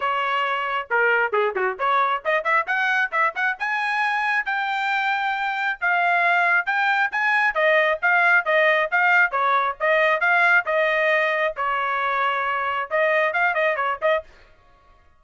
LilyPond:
\new Staff \with { instrumentName = "trumpet" } { \time 4/4 \tempo 4 = 135 cis''2 ais'4 gis'8 fis'8 | cis''4 dis''8 e''8 fis''4 e''8 fis''8 | gis''2 g''2~ | g''4 f''2 g''4 |
gis''4 dis''4 f''4 dis''4 | f''4 cis''4 dis''4 f''4 | dis''2 cis''2~ | cis''4 dis''4 f''8 dis''8 cis''8 dis''8 | }